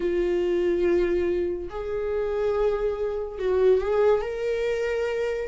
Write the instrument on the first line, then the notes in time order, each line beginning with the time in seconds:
viola
0.00 F4
1.69 G#4
3.38 F#4
3.81 G#4
4.21 A#4